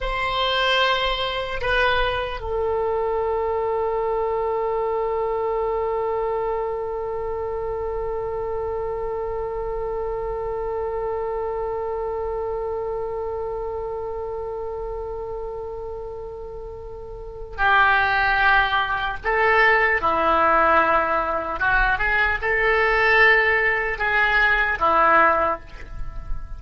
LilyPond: \new Staff \with { instrumentName = "oboe" } { \time 4/4 \tempo 4 = 75 c''2 b'4 a'4~ | a'1~ | a'1~ | a'1~ |
a'1~ | a'2 g'2 | a'4 e'2 fis'8 gis'8 | a'2 gis'4 e'4 | }